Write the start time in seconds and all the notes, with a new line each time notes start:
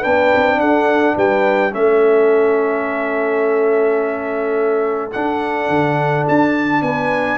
0.00 B3 D4 B4 G5
0.36 C4
0.58 D4 A4 F#5
1.16 G3 B4 G5
1.72 A3 C#4 A4 E5
5.13 D4 F#5
5.69 D3
6.28 D4 A5
6.82 B3 B4 G#5